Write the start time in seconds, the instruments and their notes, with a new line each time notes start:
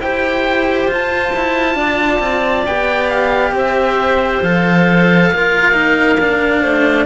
0.00 cello E4 G4, clarinet C5, oboe G5
0.88 cello F4
0.94 oboe A5
1.36 cello E4
1.76 cello D4, clarinet D5
2.20 cello C4
2.66 cello B3 G4, oboe G5
3.10 oboe F5
3.52 cello C4, clarinet C5
3.58 oboe E5
4.43 cello F3 A4, oboe F5
5.32 cello A#3 F4, clarinet A#4
5.73 cello D#4
6.20 cello D4
6.61 cello A3, clarinet C5